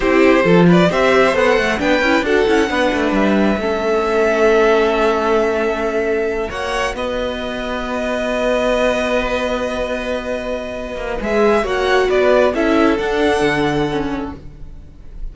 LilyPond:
<<
  \new Staff \with { instrumentName = "violin" } { \time 4/4 \tempo 4 = 134 c''4. d''8 e''4 fis''4 | g''4 fis''2 e''4~ | e''1~ | e''2~ e''8 fis''4 dis''8~ |
dis''1~ | dis''1~ | dis''4 e''4 fis''4 d''4 | e''4 fis''2. | }
  \new Staff \with { instrumentName = "violin" } { \time 4/4 g'4 a'8 b'8 c''2 | b'4 a'4 b'2 | a'1~ | a'2~ a'8 cis''4 b'8~ |
b'1~ | b'1~ | b'2 cis''4 b'4 | a'1 | }
  \new Staff \with { instrumentName = "viola" } { \time 4/4 e'4 f'4 g'4 a'4 | d'8 e'8 fis'8 e'8 d'2 | cis'1~ | cis'2~ cis'8 fis'4.~ |
fis'1~ | fis'1~ | fis'4 gis'4 fis'2 | e'4 d'2 cis'4 | }
  \new Staff \with { instrumentName = "cello" } { \time 4/4 c'4 f4 c'4 b8 a8 | b8 cis'8 d'8 cis'8 b8 a8 g4 | a1~ | a2~ a8 ais4 b8~ |
b1~ | b1~ | b8 ais8 gis4 ais4 b4 | cis'4 d'4 d2 | }
>>